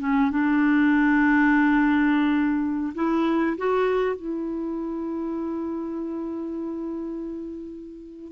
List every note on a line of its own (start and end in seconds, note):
0.00 0.31 C#4
0.31 2.94 D4
2.95 3.57 E4
3.58 4.16 F#4
4.16 8.32 E4